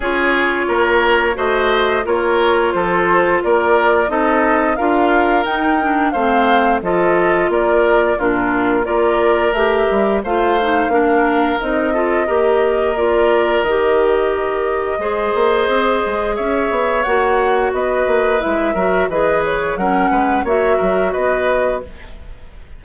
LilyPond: <<
  \new Staff \with { instrumentName = "flute" } { \time 4/4 \tempo 4 = 88 cis''2 dis''4 cis''4 | c''4 d''4 dis''4 f''4 | g''4 f''4 dis''4 d''4 | ais'4 d''4 e''4 f''4~ |
f''4 dis''2 d''4 | dis''1 | e''4 fis''4 dis''4 e''4 | dis''8 cis''8 fis''4 e''4 dis''4 | }
  \new Staff \with { instrumentName = "oboe" } { \time 4/4 gis'4 ais'4 c''4 ais'4 | a'4 ais'4 a'4 ais'4~ | ais'4 c''4 a'4 ais'4 | f'4 ais'2 c''4 |
ais'4. a'8 ais'2~ | ais'2 c''2 | cis''2 b'4. ais'8 | b'4 ais'8 b'8 cis''8 ais'8 b'4 | }
  \new Staff \with { instrumentName = "clarinet" } { \time 4/4 f'2 fis'4 f'4~ | f'2 dis'4 f'4 | dis'8 d'8 c'4 f'2 | d'4 f'4 g'4 f'8 dis'8 |
d'4 dis'8 f'8 g'4 f'4 | g'2 gis'2~ | gis'4 fis'2 e'8 fis'8 | gis'4 cis'4 fis'2 | }
  \new Staff \with { instrumentName = "bassoon" } { \time 4/4 cis'4 ais4 a4 ais4 | f4 ais4 c'4 d'4 | dis'4 a4 f4 ais4 | ais,4 ais4 a8 g8 a4 |
ais4 c'4 ais2 | dis2 gis8 ais8 c'8 gis8 | cis'8 b8 ais4 b8 ais8 gis8 fis8 | e4 fis8 gis8 ais8 fis8 b4 | }
>>